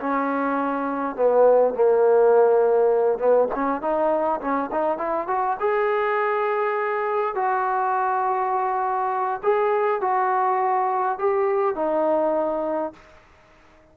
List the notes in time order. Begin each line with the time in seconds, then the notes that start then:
0.00 C#4
1.16 B3
1.75 A#3
3.19 B3
3.55 C#4
3.82 D#4
4.41 C#4
4.72 D#4
4.98 E4
5.28 F#4
5.60 G#4
7.35 F#4
9.44 G#4
10.02 F#4
11.19 G4
11.76 D#4